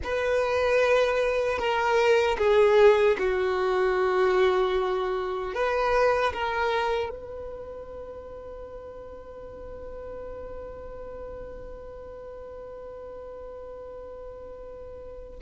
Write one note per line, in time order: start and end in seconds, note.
0.03 1.58 B4
1.58 2.37 A#4
2.38 3.17 G#4
3.18 5.54 F#4
5.54 6.33 B4
6.33 7.09 A#4
7.09 15.38 B4